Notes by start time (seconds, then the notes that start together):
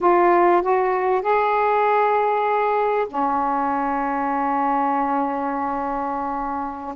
0.00 F4
0.62 F#4
1.21 G#4
3.08 C#4